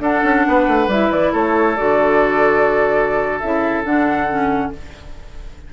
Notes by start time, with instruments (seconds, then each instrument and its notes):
0.00 bassoon D4, clarinet D4, oboe A4, flute F#5
0.24 bassoon C#4
0.48 bassoon B3, oboe B4
0.68 bassoon A3
0.88 bassoon G3, clarinet E4, flute E5
1.11 bassoon E3, flute D5
1.33 bassoon A3, oboe A4, flute C#5
1.77 bassoon D3, clarinet F#4, flute D5
3.40 bassoon C#3, clarinet E4, flute E5
3.85 bassoon D3, clarinet D4, flute F#5
4.29 clarinet C#4